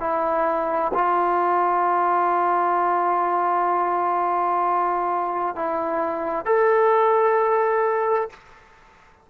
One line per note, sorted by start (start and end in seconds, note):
0.00 0.92 E4
0.94 5.56 F4
5.56 6.45 E4
6.45 8.30 A4